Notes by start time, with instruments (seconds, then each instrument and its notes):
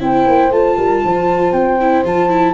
0.00 tuba C4, viola E4, horn C5, flute G5
0.27 tuba A#3
0.51 tuba A3, viola F4, flute A5
0.77 tuba G3, horn A#4
1.04 tuba F3, horn C5
1.52 tuba C4, flute G5
1.81 viola E4
2.04 tuba F3, viola F4, flute A5
2.29 viola E4